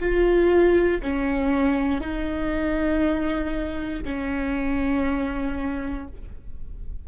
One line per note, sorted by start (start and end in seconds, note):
0.00 1.02 F4
1.02 2.01 C#4
2.01 4.04 D#4
4.04 6.08 C#4